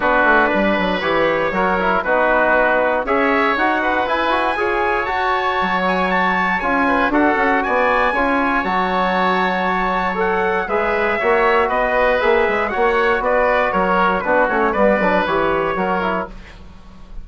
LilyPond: <<
  \new Staff \with { instrumentName = "trumpet" } { \time 4/4 \tempo 4 = 118 b'2 cis''2 | b'2 e''4 fis''4 | gis''2 a''4. gis''8 | a''4 gis''4 fis''4 gis''4~ |
gis''4 a''2. | fis''4 e''2 dis''4 | e''4 fis''4 d''4 cis''4 | b'8 cis''8 d''4 cis''2 | }
  \new Staff \with { instrumentName = "oboe" } { \time 4/4 fis'4 b'2 ais'4 | fis'2 cis''4. b'8~ | b'4 cis''2.~ | cis''4. b'8 a'4 d''4 |
cis''1~ | cis''4 b'4 cis''4 b'4~ | b'4 cis''4 b'4 ais'4 | fis'4 b'2 ais'4 | }
  \new Staff \with { instrumentName = "trombone" } { \time 4/4 d'2 g'4 fis'8 e'8 | dis'2 gis'4 fis'4 | e'8 fis'8 gis'4 fis'2~ | fis'4 f'4 fis'2 |
f'4 fis'2. | a'4 gis'4 fis'2 | gis'4 fis'2. | d'8 cis'8 b8 d'8 g'4 fis'8 e'8 | }
  \new Staff \with { instrumentName = "bassoon" } { \time 4/4 b8 a8 g8 fis8 e4 fis4 | b2 cis'4 dis'4 | e'4 f'4 fis'4 fis4~ | fis4 cis'4 d'8 cis'8 b4 |
cis'4 fis2.~ | fis4 gis4 ais4 b4 | ais8 gis8 ais4 b4 fis4 | b8 a8 g8 fis8 e4 fis4 | }
>>